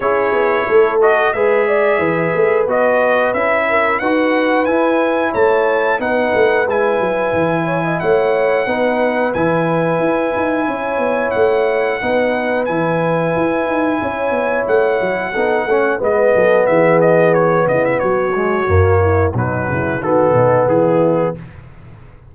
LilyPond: <<
  \new Staff \with { instrumentName = "trumpet" } { \time 4/4 \tempo 4 = 90 cis''4. dis''8 e''2 | dis''4 e''4 fis''4 gis''4 | a''4 fis''4 gis''2 | fis''2 gis''2~ |
gis''4 fis''2 gis''4~ | gis''2 fis''2 | dis''4 e''8 dis''8 cis''8 dis''16 e''16 cis''4~ | cis''4 b'4 a'4 gis'4 | }
  \new Staff \with { instrumentName = "horn" } { \time 4/4 gis'4 a'4 b'8 d''8 b'4~ | b'4. ais'8 b'2 | cis''4 b'2~ b'8 cis''16 dis''16 | cis''4 b'2. |
cis''2 b'2~ | b'4 cis''2 a'8 cis''8 | b'8 a'8 gis'4. e'8 fis'4~ | fis'8 e'8 dis'8 e'8 fis'8 dis'8 e'4 | }
  \new Staff \with { instrumentName = "trombone" } { \time 4/4 e'4. fis'8 gis'2 | fis'4 e'4 fis'4 e'4~ | e'4 dis'4 e'2~ | e'4 dis'4 e'2~ |
e'2 dis'4 e'4~ | e'2. dis'8 cis'8 | b2.~ b8 gis8 | ais4 fis4 b2 | }
  \new Staff \with { instrumentName = "tuba" } { \time 4/4 cis'8 b8 a4 gis4 e8 a8 | b4 cis'4 dis'4 e'4 | a4 b8 a8 gis8 fis8 e4 | a4 b4 e4 e'8 dis'8 |
cis'8 b8 a4 b4 e4 | e'8 dis'8 cis'8 b8 a8 fis8 b8 a8 | gis8 fis8 e4. cis8 fis4 | fis,4 b,8 cis8 dis8 b,8 e4 | }
>>